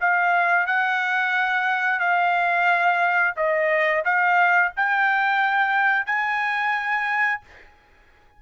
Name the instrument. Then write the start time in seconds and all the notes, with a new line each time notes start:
trumpet
0.00 F5
0.66 F#5
1.99 F5
3.36 D#5
4.04 F5
4.76 G5
6.06 G#5